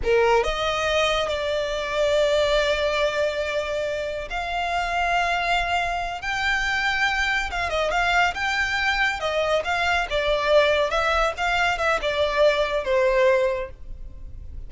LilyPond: \new Staff \with { instrumentName = "violin" } { \time 4/4 \tempo 4 = 140 ais'4 dis''2 d''4~ | d''1~ | d''2 f''2~ | f''2~ f''8 g''4.~ |
g''4. f''8 dis''8 f''4 g''8~ | g''4. dis''4 f''4 d''8~ | d''4. e''4 f''4 e''8 | d''2 c''2 | }